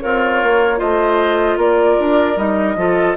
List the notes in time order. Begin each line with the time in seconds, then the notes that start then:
0.00 C4 F4 A#4 C#5
0.42 A#3
0.77 A3 F4 C5 D#5
1.57 A#3 A#4 D5
1.99 D4
2.36 G3 D#4 D#5
2.76 F3 F4 A4